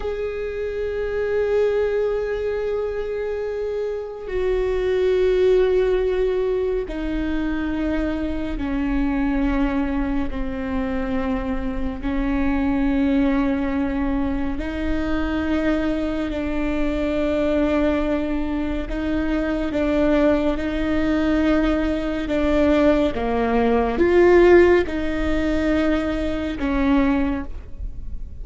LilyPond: \new Staff \with { instrumentName = "viola" } { \time 4/4 \tempo 4 = 70 gis'1~ | gis'4 fis'2. | dis'2 cis'2 | c'2 cis'2~ |
cis'4 dis'2 d'4~ | d'2 dis'4 d'4 | dis'2 d'4 ais4 | f'4 dis'2 cis'4 | }